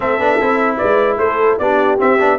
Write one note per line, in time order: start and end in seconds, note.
0.00 0.18 A3
0.00 0.19 C4
0.00 0.77 A4
0.00 0.76 E5
0.18 0.38 B3
0.18 0.39 D4
0.40 0.80 C4
0.40 1.60 E4
0.77 1.18 G#3
0.77 1.17 B4
0.77 1.17 D5
1.18 1.58 A3
1.18 1.60 A4
1.18 1.58 C5
1.58 1.99 B3
1.58 1.98 D4
1.58 2.38 G4
1.58 1.98 D5
1.98 2.18 C4
1.98 2.20 C4
1.98 2.38 E5
2.19 2.38 B3
2.19 2.38 D4